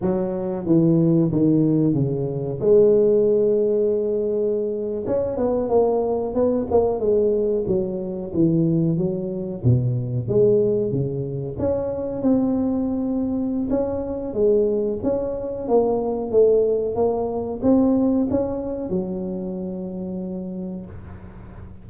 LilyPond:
\new Staff \with { instrumentName = "tuba" } { \time 4/4 \tempo 4 = 92 fis4 e4 dis4 cis4 | gis2.~ gis8. cis'16~ | cis'16 b8 ais4 b8 ais8 gis4 fis16~ | fis8. e4 fis4 b,4 gis16~ |
gis8. cis4 cis'4 c'4~ c'16~ | c'4 cis'4 gis4 cis'4 | ais4 a4 ais4 c'4 | cis'4 fis2. | }